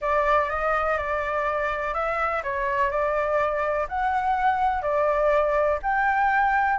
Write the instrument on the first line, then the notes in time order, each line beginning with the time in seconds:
flute
0.01 D5
0.49 D#5
0.97 D5
1.94 E5
2.43 C#5
2.90 D5
3.88 F#5
4.81 D5
5.82 G5